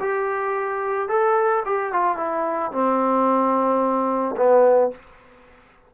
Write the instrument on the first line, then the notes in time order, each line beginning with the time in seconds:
trombone
0.00 G4
1.09 A4
1.65 G4
1.92 F4
2.17 E4
2.72 C4
4.37 B3